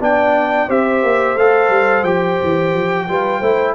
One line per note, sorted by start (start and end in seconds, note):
0.00 0.68 B3
0.00 0.69 D4
0.00 0.68 D5
0.00 0.70 G5
0.68 1.03 C4
0.68 1.37 G4
0.68 3.06 C5
0.68 1.38 E5
1.03 1.36 A#3
1.36 1.70 A3
1.36 2.06 A4
1.36 2.04 F5
1.70 2.04 G3
2.04 2.38 F3
2.04 3.08 G4
2.04 3.74 G5
2.44 2.75 E3
2.75 3.09 F3
3.09 3.41 G3
3.09 3.43 F4
3.09 3.40 B4
3.40 3.75 A3
3.40 3.75 E4
3.40 3.74 C5